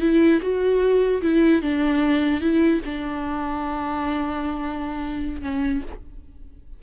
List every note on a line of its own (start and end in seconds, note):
0.00 0.40 E4
0.41 1.21 F#4
1.21 1.61 E4
1.61 2.40 D4
2.40 2.80 E4
2.85 5.41 D4
5.41 5.81 C#4